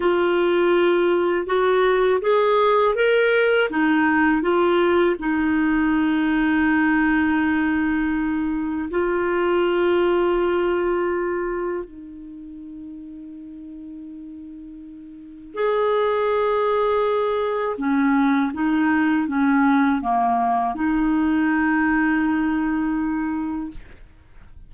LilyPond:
\new Staff \with { instrumentName = "clarinet" } { \time 4/4 \tempo 4 = 81 f'2 fis'4 gis'4 | ais'4 dis'4 f'4 dis'4~ | dis'1 | f'1 |
dis'1~ | dis'4 gis'2. | cis'4 dis'4 cis'4 ais4 | dis'1 | }